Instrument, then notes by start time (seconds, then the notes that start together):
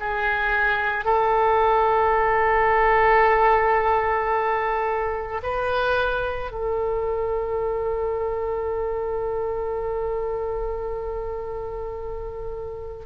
oboe
0.00 G#4
1.05 A4
5.43 B4
6.51 A4